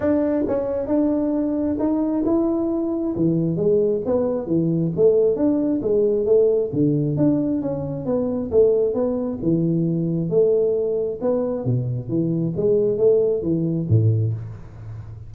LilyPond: \new Staff \with { instrumentName = "tuba" } { \time 4/4 \tempo 4 = 134 d'4 cis'4 d'2 | dis'4 e'2 e4 | gis4 b4 e4 a4 | d'4 gis4 a4 d4 |
d'4 cis'4 b4 a4 | b4 e2 a4~ | a4 b4 b,4 e4 | gis4 a4 e4 a,4 | }